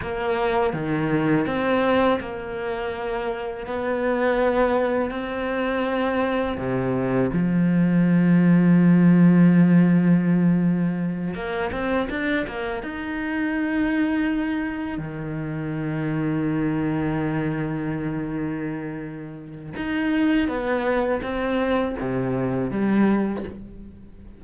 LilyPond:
\new Staff \with { instrumentName = "cello" } { \time 4/4 \tempo 4 = 82 ais4 dis4 c'4 ais4~ | ais4 b2 c'4~ | c'4 c4 f2~ | f2.~ f8 ais8 |
c'8 d'8 ais8 dis'2~ dis'8~ | dis'8 dis2.~ dis8~ | dis2. dis'4 | b4 c'4 c4 g4 | }